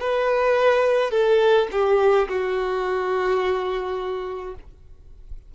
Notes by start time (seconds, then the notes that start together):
0.00 B4
1.11 A4
1.71 G4
2.28 F#4